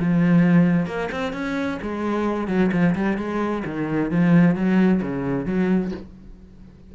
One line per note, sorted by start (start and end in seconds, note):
0.00 0.87 F3
0.87 1.10 A#3
1.12 1.33 C4
1.33 1.79 C#4
1.83 2.48 G#3
2.48 2.71 F#3
2.72 2.95 F3
2.95 3.18 G3
3.18 3.64 G#3
3.66 4.11 D#3
4.11 4.56 F3
4.56 5.02 F#3
5.03 5.46 C#3
5.46 5.92 F#3